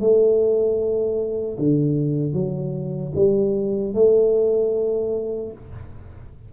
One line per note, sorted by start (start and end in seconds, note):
0.00 1.58 A3
1.58 2.33 D3
2.33 3.12 F#3
3.15 3.94 G3
3.94 5.52 A3